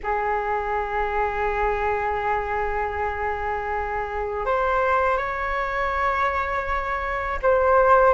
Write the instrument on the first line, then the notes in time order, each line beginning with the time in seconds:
flute
0.03 G#4
4.45 C5
5.17 C#5
7.42 C5